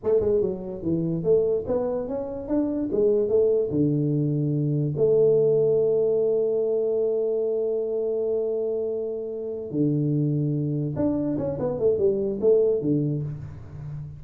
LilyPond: \new Staff \with { instrumentName = "tuba" } { \time 4/4 \tempo 4 = 145 a8 gis8 fis4 e4 a4 | b4 cis'4 d'4 gis4 | a4 d2. | a1~ |
a1~ | a2.~ a8 d8~ | d2~ d8 d'4 cis'8 | b8 a8 g4 a4 d4 | }